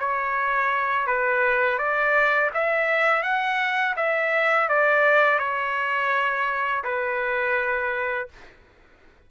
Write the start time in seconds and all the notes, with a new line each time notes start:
0.00 C#5
1.07 B4
1.79 D5
2.54 E5
3.23 F#5
3.97 E5
4.69 D5
5.39 C#5
6.84 B4